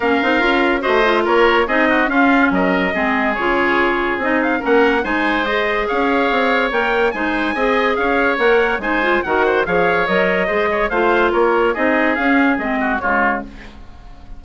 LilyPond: <<
  \new Staff \with { instrumentName = "trumpet" } { \time 4/4 \tempo 4 = 143 f''2 dis''4 cis''4 | dis''4 f''4 dis''2 | cis''2 dis''8 f''8 fis''4 | gis''4 dis''4 f''2 |
g''4 gis''2 f''4 | fis''4 gis''4 fis''4 f''4 | dis''2 f''4 cis''4 | dis''4 f''4 dis''4 cis''4 | }
  \new Staff \with { instrumentName = "oboe" } { \time 4/4 ais'2 c''4 ais'4 | gis'8 fis'8 f'4 ais'4 gis'4~ | gis'2. ais'4 | c''2 cis''2~ |
cis''4 c''4 dis''4 cis''4~ | cis''4 c''4 ais'8 c''8 cis''4~ | cis''4 c''8 cis''8 c''4 ais'4 | gis'2~ gis'8 fis'8 f'4 | }
  \new Staff \with { instrumentName = "clarinet" } { \time 4/4 cis'8 dis'8 f'4 fis'8 f'4. | dis'4 cis'2 c'4 | f'2 dis'4 cis'4 | dis'4 gis'2. |
ais'4 dis'4 gis'2 | ais'4 dis'8 f'8 fis'4 gis'4 | ais'4 gis'4 f'2 | dis'4 cis'4 c'4 gis4 | }
  \new Staff \with { instrumentName = "bassoon" } { \time 4/4 ais8 c'8 cis'4 a4 ais4 | c'4 cis'4 fis4 gis4 | cis2 c'4 ais4 | gis2 cis'4 c'4 |
ais4 gis4 c'4 cis'4 | ais4 gis4 dis4 f4 | fis4 gis4 a4 ais4 | c'4 cis'4 gis4 cis4 | }
>>